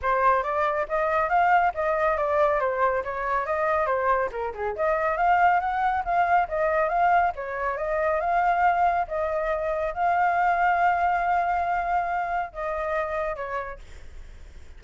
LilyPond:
\new Staff \with { instrumentName = "flute" } { \time 4/4 \tempo 4 = 139 c''4 d''4 dis''4 f''4 | dis''4 d''4 c''4 cis''4 | dis''4 c''4 ais'8 gis'8 dis''4 | f''4 fis''4 f''4 dis''4 |
f''4 cis''4 dis''4 f''4~ | f''4 dis''2 f''4~ | f''1~ | f''4 dis''2 cis''4 | }